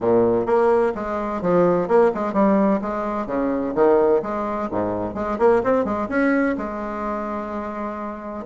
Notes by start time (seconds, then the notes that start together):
0.00 A#2
0.45 A#3
0.94 G#3
1.41 F3
1.87 A#3
2.14 G#3
2.33 G3
2.81 G#3
3.26 C#3
3.74 D#3
4.22 G#3
4.71 G#2
5.14 G#3
5.38 A#3
5.63 C4
5.84 G#3
6.08 C#4
6.57 G#3